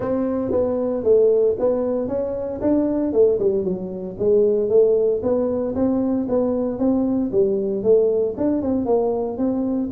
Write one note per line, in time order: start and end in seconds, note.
0.00 0.51 C4
0.51 1.03 B3
1.03 1.56 A3
1.59 2.08 B3
2.08 2.60 C#4
2.61 3.12 D4
3.12 3.38 A3
3.39 3.64 G3
3.64 4.16 F#3
4.19 4.69 G#3
4.69 5.21 A3
5.22 5.74 B3
5.75 6.27 C4
6.28 6.78 B3
6.78 7.31 C4
7.31 7.83 G3
7.83 8.35 A3
8.37 8.62 D4
8.62 8.85 C4
8.85 9.37 A#3
9.37 9.89 C4